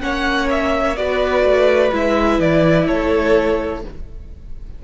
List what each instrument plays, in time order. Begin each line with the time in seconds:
0.00 cello A#3, viola C#4, violin C#5 F#5
0.51 violin E5
0.97 cello B3, viola F#4, violin B4 D5
1.44 cello A3
1.92 cello G#3, viola E4, violin E5
2.39 cello E3, violin D5
2.87 cello A3, violin A4 C#5